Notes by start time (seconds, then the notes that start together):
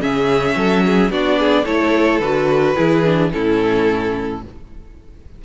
0.00 C#3 C#4 G#4 E5
0.56 F#3 A4
0.86 G#4
1.10 B3 D4 F#4 D5
1.39 G#4
1.64 A3 E4 A4 C#5
2.19 D3 F#4 B4
2.76 E3 E4 G#4
3.04 D4
3.32 A2 C#4 E4 A4